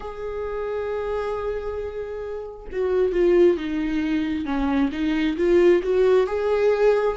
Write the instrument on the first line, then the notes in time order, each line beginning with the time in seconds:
viola
0.00 G#4
2.72 F#4
3.12 F4
3.57 D#4
4.45 C#4
4.92 D#4
5.37 F4
5.82 F#4
6.26 G#4